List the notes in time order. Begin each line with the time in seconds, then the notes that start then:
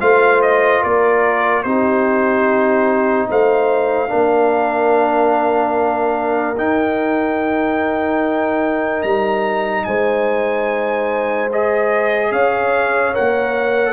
0.00 A3 F4 C5 F5
0.42 D#5
0.82 A#3 A#4 D5
1.63 C4 D#4 G4 C5
3.29 A3 C5 F5
4.09 A#3 D4 A#4
6.57 D#4 G5
9.03 G3 A#5
9.84 G#3 C5 G#5
11.53 G#4 D#5
12.32 C#4 C#5 F5
13.14 A#3 A#4 F#5